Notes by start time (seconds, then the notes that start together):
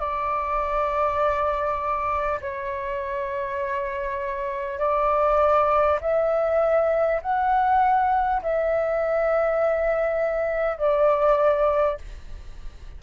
0.00 D5
2.41 C#5
4.79 D5
6.01 E5
7.22 F#5
8.42 E5
10.78 D5